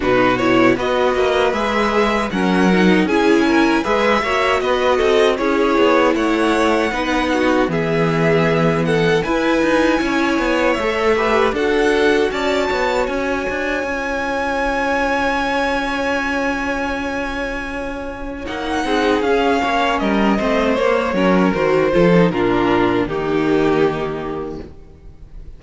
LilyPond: <<
  \new Staff \with { instrumentName = "violin" } { \time 4/4 \tempo 4 = 78 b'8 cis''8 dis''4 e''4 fis''4 | gis''4 e''4 dis''4 cis''4 | fis''2 e''4. fis''8 | gis''2 e''4 fis''4 |
a''4 gis''2.~ | gis''1 | fis''4 f''4 dis''4 cis''4 | c''4 ais'4 g'2 | }
  \new Staff \with { instrumentName = "violin" } { \time 4/4 fis'4 b'2 ais'4 | gis'8 ais'8 b'8 cis''8 b'8 a'8 gis'4 | cis''4 b'8 fis'8 gis'4. a'8 | b'4 cis''4. b'8 a'4 |
d''8 cis''2.~ cis''8~ | cis''1~ | cis''8 gis'4 cis''8 ais'8 c''4 ais'8~ | ais'8 a'8 f'4 dis'2 | }
  \new Staff \with { instrumentName = "viola" } { \time 4/4 dis'8 e'8 fis'4 gis'4 cis'8 dis'8 | e'4 gis'8 fis'4. e'4~ | e'4 dis'4 b2 | e'2 a'8 g'8 fis'4~ |
fis'2 f'2~ | f'1 | dis'4 cis'4. c'8 ais8 cis'8 | fis'8 f'16 dis'16 d'4 ais2 | }
  \new Staff \with { instrumentName = "cello" } { \time 4/4 b,4 b8 ais8 gis4 fis4 | cis'4 gis8 ais8 b8 c'8 cis'8 b8 | a4 b4 e2 | e'8 dis'8 cis'8 b8 a4 d'4 |
cis'8 b8 cis'8 d'8 cis'2~ | cis'1 | ais8 c'8 cis'8 ais8 g8 a8 ais8 fis8 | dis8 f8 ais,4 dis2 | }
>>